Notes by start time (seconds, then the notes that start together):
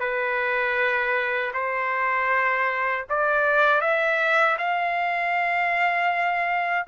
0.00 B4
1.54 C5
3.10 D5
3.81 E5
4.58 F5